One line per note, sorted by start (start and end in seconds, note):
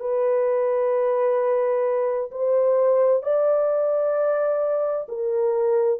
0.00 2.31 B4
2.31 3.23 C5
3.23 5.08 D5
5.09 6.00 A#4